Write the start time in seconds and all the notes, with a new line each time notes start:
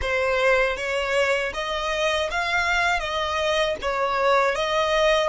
0.01 C5
0.77 C#5
1.53 D#5
2.30 F5
2.99 D#5
3.81 C#5
4.55 D#5